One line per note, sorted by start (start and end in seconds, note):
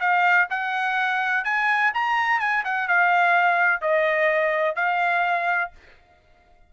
0.00 0.48 F5
0.50 1.44 F#5
1.44 1.92 G#5
1.94 2.40 A#5
2.40 2.63 G#5
2.64 2.88 F#5
2.88 3.81 F5
3.81 4.76 D#5
4.76 5.71 F5